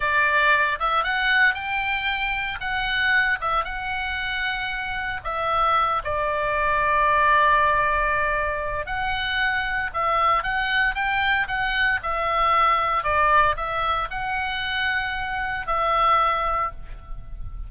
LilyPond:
\new Staff \with { instrumentName = "oboe" } { \time 4/4 \tempo 4 = 115 d''4. e''8 fis''4 g''4~ | g''4 fis''4. e''8 fis''4~ | fis''2 e''4. d''8~ | d''1~ |
d''4 fis''2 e''4 | fis''4 g''4 fis''4 e''4~ | e''4 d''4 e''4 fis''4~ | fis''2 e''2 | }